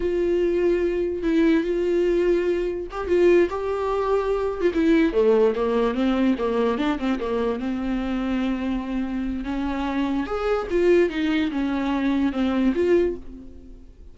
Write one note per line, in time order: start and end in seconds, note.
0.00 1.22 F4
1.22 1.63 E4
1.63 2.87 F4
2.90 3.07 G4
3.07 3.48 F4
3.49 4.61 G4
4.61 4.71 F4
4.74 5.13 E4
5.13 5.54 A3
5.55 5.94 A#3
5.94 6.35 C4
6.38 6.78 A#3
6.78 6.98 D4
6.98 7.19 C4
7.19 7.59 A#3
7.59 9.44 C4
9.44 10.26 C#4
10.26 10.67 G#4
10.70 11.09 F4
11.09 11.50 D#4
11.51 12.32 C#4
12.32 12.73 C4
12.74 13.15 F4